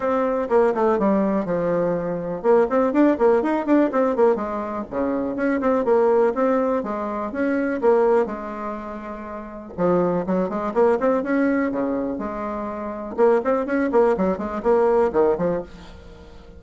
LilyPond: \new Staff \with { instrumentName = "bassoon" } { \time 4/4 \tempo 4 = 123 c'4 ais8 a8 g4 f4~ | f4 ais8 c'8 d'8 ais8 dis'8 d'8 | c'8 ais8 gis4 cis4 cis'8 c'8 | ais4 c'4 gis4 cis'4 |
ais4 gis2. | f4 fis8 gis8 ais8 c'8 cis'4 | cis4 gis2 ais8 c'8 | cis'8 ais8 fis8 gis8 ais4 dis8 f8 | }